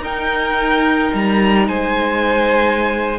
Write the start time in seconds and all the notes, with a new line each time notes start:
0.00 D#4 A#4 G5
1.14 G3 A#5
1.68 G#3 C5 G#5